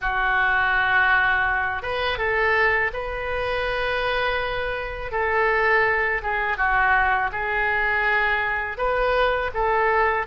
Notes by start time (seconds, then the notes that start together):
0.01 F#4
1.82 B4
2.18 A4
2.93 B4
5.11 A4
6.22 G#4
6.57 F#4
7.32 G#4
8.77 B4
9.54 A4